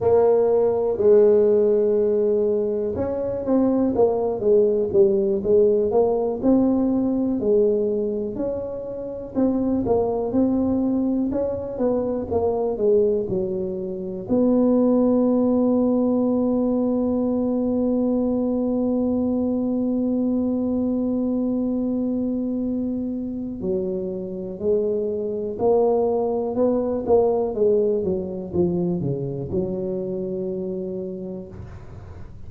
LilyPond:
\new Staff \with { instrumentName = "tuba" } { \time 4/4 \tempo 4 = 61 ais4 gis2 cis'8 c'8 | ais8 gis8 g8 gis8 ais8 c'4 gis8~ | gis8 cis'4 c'8 ais8 c'4 cis'8 | b8 ais8 gis8 fis4 b4.~ |
b1~ | b1 | fis4 gis4 ais4 b8 ais8 | gis8 fis8 f8 cis8 fis2 | }